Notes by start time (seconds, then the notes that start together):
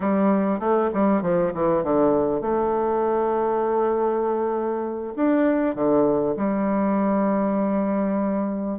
0.00 G3
0.59 A3
0.93 G3
1.21 F3
1.54 E3
1.83 D3
2.41 A3
5.16 D4
5.75 D3
6.36 G3